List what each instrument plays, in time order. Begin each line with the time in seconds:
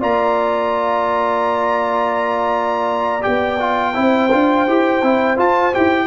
0.00 tuba A#3, trombone F4, horn D5, trumpet A#5
3.21 tuba B3, trombone G4, trumpet G5
3.59 trombone F4
3.94 tuba C4, trombone E4, horn C5
4.31 tuba D4, trombone F4
4.67 tuba E4, trombone G4
5.02 tuba C4, trombone E4
5.37 trombone F4, tuba F4, trumpet A5
5.73 tuba E4, trombone G4, trumpet G5